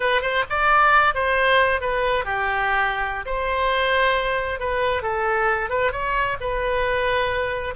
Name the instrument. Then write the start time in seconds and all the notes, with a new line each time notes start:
oboe
0.00 B4
0.21 C5
0.49 D5
1.14 C5
1.80 B4
2.24 G4
3.25 C5
4.59 B4
5.02 A4
5.69 B4
5.91 C#5
6.40 B4